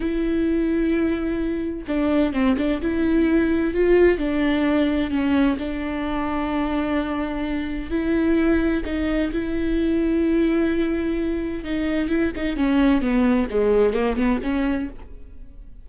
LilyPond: \new Staff \with { instrumentName = "viola" } { \time 4/4 \tempo 4 = 129 e'1 | d'4 c'8 d'8 e'2 | f'4 d'2 cis'4 | d'1~ |
d'4 e'2 dis'4 | e'1~ | e'4 dis'4 e'8 dis'8 cis'4 | b4 gis4 ais8 b8 cis'4 | }